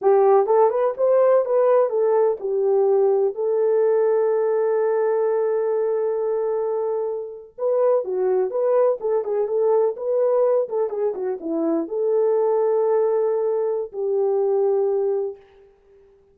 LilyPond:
\new Staff \with { instrumentName = "horn" } { \time 4/4 \tempo 4 = 125 g'4 a'8 b'8 c''4 b'4 | a'4 g'2 a'4~ | a'1~ | a'2.~ a'8. b'16~ |
b'8. fis'4 b'4 a'8 gis'8 a'16~ | a'8. b'4. a'8 gis'8 fis'8 e'16~ | e'8. a'2.~ a'16~ | a'4 g'2. | }